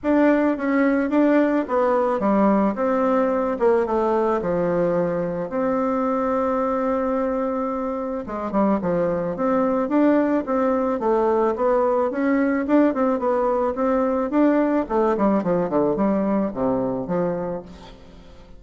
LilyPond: \new Staff \with { instrumentName = "bassoon" } { \time 4/4 \tempo 4 = 109 d'4 cis'4 d'4 b4 | g4 c'4. ais8 a4 | f2 c'2~ | c'2. gis8 g8 |
f4 c'4 d'4 c'4 | a4 b4 cis'4 d'8 c'8 | b4 c'4 d'4 a8 g8 | f8 d8 g4 c4 f4 | }